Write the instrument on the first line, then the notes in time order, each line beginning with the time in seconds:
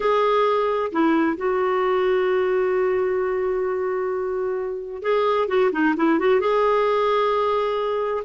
clarinet
0.00 G#4
0.91 E4
1.36 F#4
5.02 G#4
5.48 F#4
5.72 D#4
5.96 E4
6.19 F#4
6.40 G#4